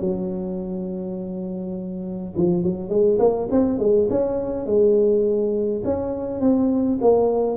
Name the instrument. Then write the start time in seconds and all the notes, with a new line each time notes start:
tuba
0.00 F#3
2.36 F3
2.63 F#3
2.89 G#3
3.19 A#3
3.51 C4
3.78 G#3
4.10 C#4
4.65 G#3
5.84 C#4
6.40 C4
7.01 A#3